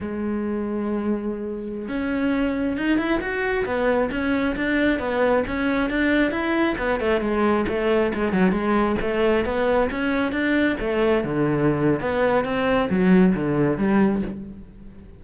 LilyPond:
\new Staff \with { instrumentName = "cello" } { \time 4/4 \tempo 4 = 135 gis1~ | gis16 cis'2 dis'8 e'8 fis'8.~ | fis'16 b4 cis'4 d'4 b8.~ | b16 cis'4 d'4 e'4 b8 a16~ |
a16 gis4 a4 gis8 fis8 gis8.~ | gis16 a4 b4 cis'4 d'8.~ | d'16 a4 d4.~ d16 b4 | c'4 fis4 d4 g4 | }